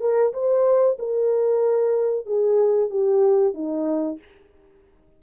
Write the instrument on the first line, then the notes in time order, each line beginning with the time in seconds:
horn
0.00 A#4
0.33 C5
0.98 A#4
2.26 G#4
2.89 G4
3.54 D#4